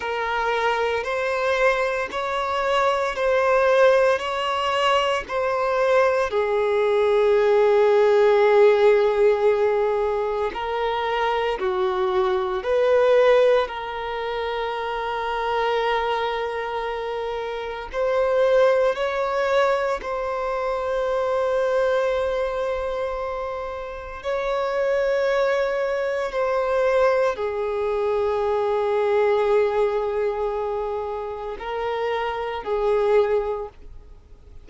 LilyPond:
\new Staff \with { instrumentName = "violin" } { \time 4/4 \tempo 4 = 57 ais'4 c''4 cis''4 c''4 | cis''4 c''4 gis'2~ | gis'2 ais'4 fis'4 | b'4 ais'2.~ |
ais'4 c''4 cis''4 c''4~ | c''2. cis''4~ | cis''4 c''4 gis'2~ | gis'2 ais'4 gis'4 | }